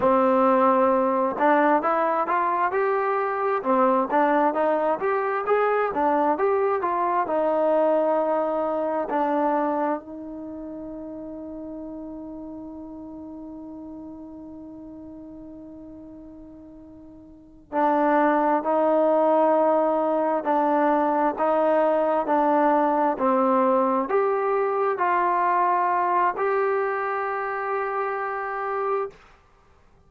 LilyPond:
\new Staff \with { instrumentName = "trombone" } { \time 4/4 \tempo 4 = 66 c'4. d'8 e'8 f'8 g'4 | c'8 d'8 dis'8 g'8 gis'8 d'8 g'8 f'8 | dis'2 d'4 dis'4~ | dis'1~ |
dis'2.~ dis'8 d'8~ | d'8 dis'2 d'4 dis'8~ | dis'8 d'4 c'4 g'4 f'8~ | f'4 g'2. | }